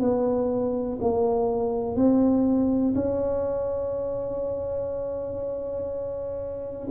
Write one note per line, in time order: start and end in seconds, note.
0.00 0.98 B3
1.01 1.96 A#3
1.96 2.94 C4
2.95 6.88 C#4